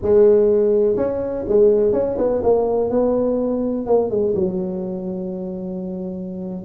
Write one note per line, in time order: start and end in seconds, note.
0.02 0.96 G#3
0.96 1.45 C#4
1.48 1.92 G#3
1.92 2.17 C#4
2.18 2.42 B3
2.43 2.90 A#3
2.90 3.86 B3
3.86 4.10 A#3
4.10 4.34 G#3
4.35 6.64 F#3